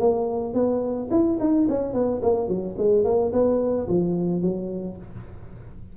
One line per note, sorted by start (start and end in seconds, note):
0.00 0.55 A#3
0.55 1.10 B3
1.11 1.39 E4
1.40 1.68 D#4
1.69 1.94 C#4
1.94 2.21 B3
2.23 2.48 A#3
2.48 2.76 F#3
2.78 3.05 G#3
3.05 3.32 A#3
3.33 3.88 B3
3.89 4.42 F3
4.42 4.97 F#3